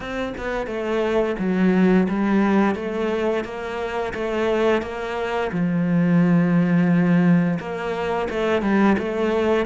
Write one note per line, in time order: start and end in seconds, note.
0.00 0.33 C4
0.37 0.66 B3
0.66 1.35 A3
1.38 2.07 F#3
2.08 2.75 G3
2.75 3.44 A3
3.44 4.13 A#3
4.14 4.82 A3
4.82 5.50 A#3
5.51 7.58 F3
7.59 8.28 A#3
8.29 8.62 A3
8.62 8.96 G3
8.98 9.66 A3